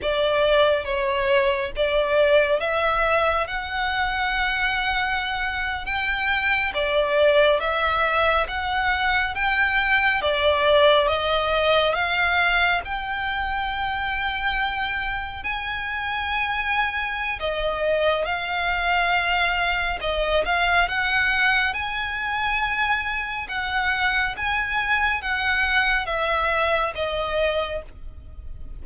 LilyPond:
\new Staff \with { instrumentName = "violin" } { \time 4/4 \tempo 4 = 69 d''4 cis''4 d''4 e''4 | fis''2~ fis''8. g''4 d''16~ | d''8. e''4 fis''4 g''4 d''16~ | d''8. dis''4 f''4 g''4~ g''16~ |
g''4.~ g''16 gis''2~ gis''16 | dis''4 f''2 dis''8 f''8 | fis''4 gis''2 fis''4 | gis''4 fis''4 e''4 dis''4 | }